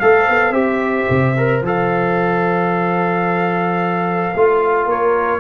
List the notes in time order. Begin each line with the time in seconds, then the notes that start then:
0.00 A3 A4 C5 F5
0.29 B3
0.51 C4 G4 E5
1.10 C3
1.37 A#4
1.62 F3 A4 F5
4.35 A3 F4
4.86 A#3 A#4 C#5